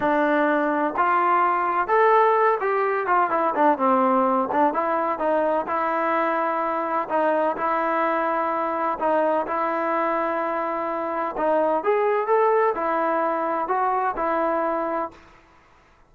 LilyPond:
\new Staff \with { instrumentName = "trombone" } { \time 4/4 \tempo 4 = 127 d'2 f'2 | a'4. g'4 f'8 e'8 d'8 | c'4. d'8 e'4 dis'4 | e'2. dis'4 |
e'2. dis'4 | e'1 | dis'4 gis'4 a'4 e'4~ | e'4 fis'4 e'2 | }